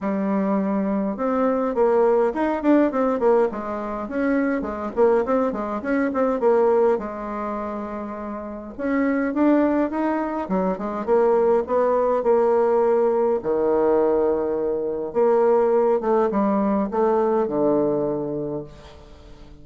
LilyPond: \new Staff \with { instrumentName = "bassoon" } { \time 4/4 \tempo 4 = 103 g2 c'4 ais4 | dis'8 d'8 c'8 ais8 gis4 cis'4 | gis8 ais8 c'8 gis8 cis'8 c'8 ais4 | gis2. cis'4 |
d'4 dis'4 fis8 gis8 ais4 | b4 ais2 dis4~ | dis2 ais4. a8 | g4 a4 d2 | }